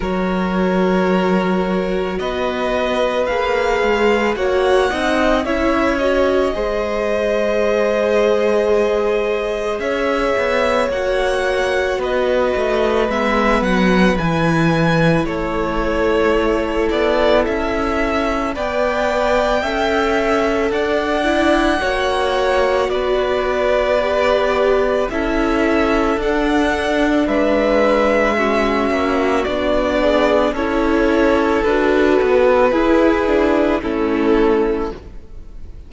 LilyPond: <<
  \new Staff \with { instrumentName = "violin" } { \time 4/4 \tempo 4 = 55 cis''2 dis''4 f''4 | fis''4 e''8 dis''2~ dis''8~ | dis''4 e''4 fis''4 dis''4 | e''8 fis''8 gis''4 cis''4. d''8 |
e''4 g''2 fis''4~ | fis''4 d''2 e''4 | fis''4 e''2 d''4 | cis''4 b'2 a'4 | }
  \new Staff \with { instrumentName = "violin" } { \time 4/4 ais'2 b'2 | cis''8 dis''8 cis''4 c''2~ | c''4 cis''2 b'4~ | b'2 a'2~ |
a'4 d''4 e''4 d''4 | cis''4 b'2 a'4~ | a'4 b'4 fis'4. gis'8 | a'2 gis'4 e'4 | }
  \new Staff \with { instrumentName = "viola" } { \time 4/4 fis'2. gis'4 | fis'8 dis'8 e'8 fis'8 gis'2~ | gis'2 fis'2 | b4 e'2.~ |
e'4 b'4 a'4. e'8 | fis'2 g'4 e'4 | d'2 cis'4 d'4 | e'4 fis'4 e'8 d'8 cis'4 | }
  \new Staff \with { instrumentName = "cello" } { \time 4/4 fis2 b4 ais8 gis8 | ais8 c'8 cis'4 gis2~ | gis4 cis'8 b8 ais4 b8 a8 | gis8 fis8 e4 a4. b8 |
cis'4 b4 cis'4 d'4 | ais4 b2 cis'4 | d'4 gis4. ais8 b4 | cis'4 d'8 b8 e'4 a4 | }
>>